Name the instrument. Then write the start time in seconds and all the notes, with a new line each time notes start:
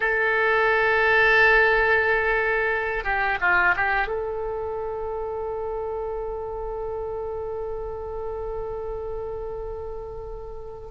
oboe
0.00 A4
3.03 G4
3.40 F4
3.76 G4
4.07 A4